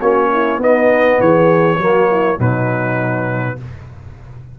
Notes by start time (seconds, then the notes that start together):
0.00 A#3 C#4 F#4 C#5
0.32 E4
0.58 B3 D#4 D#5
1.20 E3 G#4 C#5
1.78 F#3 A#3 F#4
2.11 E4
2.37 B2 F#3 D#4 B4